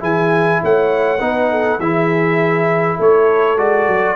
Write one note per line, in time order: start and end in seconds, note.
0.00 0.61 E3
0.00 1.19 E4
0.00 0.60 G#4
0.00 0.63 G#5
0.63 1.21 A3
0.63 1.22 C#5
0.63 1.80 F#5
1.21 1.79 B3
1.21 1.80 D#4
1.21 1.51 B4
1.51 1.80 A4
1.79 2.98 E3
1.79 3.58 E4
1.79 2.98 G#4
1.79 2.99 E5
2.98 3.58 A3
2.98 4.16 A4
2.98 3.59 C#5
3.58 3.88 G#3
3.58 4.17 F#4
3.58 4.17 D5
3.88 4.17 F#3